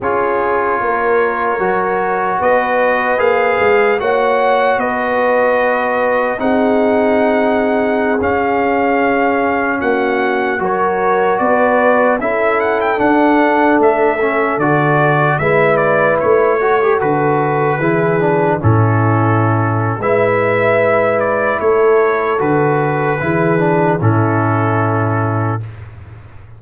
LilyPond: <<
  \new Staff \with { instrumentName = "trumpet" } { \time 4/4 \tempo 4 = 75 cis''2. dis''4 | f''4 fis''4 dis''2 | fis''2~ fis''16 f''4.~ f''16~ | f''16 fis''4 cis''4 d''4 e''8 fis''16 |
g''16 fis''4 e''4 d''4 e''8 d''16~ | d''16 cis''4 b'2 a'8.~ | a'4 e''4. d''8 cis''4 | b'2 a'2 | }
  \new Staff \with { instrumentName = "horn" } { \time 4/4 gis'4 ais'2 b'4~ | b'4 cis''4 b'2 | gis'1~ | gis'16 fis'4 ais'4 b'4 a'8.~ |
a'2.~ a'16 b'8.~ | b'8. a'4. gis'4 e'8.~ | e'4 b'2 a'4~ | a'4 gis'4 e'2 | }
  \new Staff \with { instrumentName = "trombone" } { \time 4/4 f'2 fis'2 | gis'4 fis'2. | dis'2~ dis'16 cis'4.~ cis'16~ | cis'4~ cis'16 fis'2 e'8.~ |
e'16 d'4. cis'8 fis'4 e'8.~ | e'8. fis'16 g'16 fis'4 e'8 d'8 cis'8.~ | cis'4 e'2. | fis'4 e'8 d'8 cis'2 | }
  \new Staff \with { instrumentName = "tuba" } { \time 4/4 cis'4 ais4 fis4 b4 | ais8 gis8 ais4 b2 | c'2~ c'16 cis'4.~ cis'16~ | cis'16 ais4 fis4 b4 cis'8.~ |
cis'16 d'4 a4 d4 gis8.~ | gis16 a4 d4 e4 a,8.~ | a,4 gis2 a4 | d4 e4 a,2 | }
>>